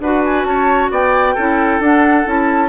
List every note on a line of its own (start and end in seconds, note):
0.00 0.44 D4
0.00 1.38 F#4
0.00 0.47 B4
0.00 0.24 F#5
0.25 0.45 G#5
0.44 0.89 C#4
0.44 0.91 C#5
0.44 0.90 A5
0.91 1.36 B3
0.91 1.35 D5
0.91 1.83 G5
1.35 1.80 C#4
1.35 1.82 E4
1.35 2.69 A4
1.80 2.25 D4
1.80 2.26 D4
1.80 2.28 F#5
2.26 2.69 C#4
2.26 2.69 E4
2.26 2.69 A5